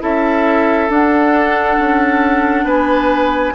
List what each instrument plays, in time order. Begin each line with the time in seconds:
0.00 bassoon C#4, clarinet E4, oboe A4, flute E5
0.90 bassoon D4, clarinet D4, flute F#5
1.79 bassoon C#4
2.64 bassoon B3, oboe B4, flute G#5